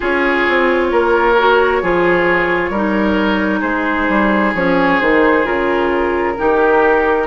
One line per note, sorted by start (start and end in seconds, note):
0.00 0.47 C#4
0.00 1.34 F4
0.00 0.87 G#4
0.00 3.61 C#5
0.48 0.91 C4
0.91 1.82 A#3
0.91 1.82 A#4
1.38 1.83 F#4
1.82 2.70 F3
1.82 2.73 F4
1.82 2.70 G#4
2.70 3.60 G3
2.70 4.55 D#4
2.70 3.59 A#4
3.59 4.08 G#3
3.59 6.32 G#4
3.59 4.52 C5
4.09 4.54 G3
4.54 4.99 F3
4.54 5.01 C#4
4.54 5.00 C#5
5.00 5.45 D#3
5.00 5.44 D#4
5.00 5.45 C5
5.44 6.36 C#3
5.44 6.35 F4
5.44 7.27 A#4
6.37 7.27 D#3
6.37 7.27 D#4
6.37 7.27 G4